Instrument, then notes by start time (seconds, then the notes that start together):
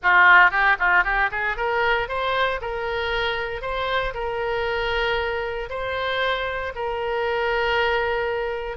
oboe
0.02 F4
0.50 G4
0.79 F4
1.04 G4
1.31 G#4
1.56 A#4
2.08 C5
2.61 A#4
3.61 C5
4.14 A#4
5.69 C5
6.75 A#4